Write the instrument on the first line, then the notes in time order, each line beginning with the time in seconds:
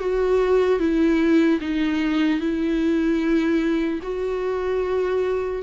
viola
0.00 F#4
0.80 E4
1.61 D#4
2.40 E4
4.03 F#4